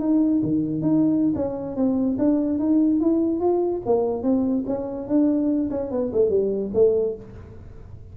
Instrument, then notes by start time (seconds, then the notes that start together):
tuba
0.00 D#4
0.43 D#3
0.82 D#4
1.36 C#4
1.76 C4
2.19 D4
2.59 D#4
3.01 E4
3.40 F4
3.86 A#3
4.23 C4
4.67 C#4
5.08 D4
5.71 C#4
5.91 B3
6.13 A3
6.30 G3
6.74 A3